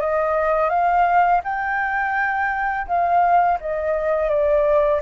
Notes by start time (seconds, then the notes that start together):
0.00 D#5
0.69 F5
1.44 G5
2.87 F5
3.60 D#5
4.29 D5